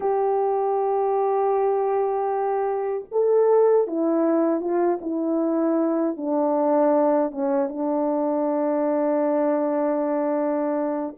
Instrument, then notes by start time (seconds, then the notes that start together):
horn
0.00 G4
3.11 A4
3.87 E4
4.60 F4
5.01 E4
6.16 D4
7.31 C#4
7.69 D4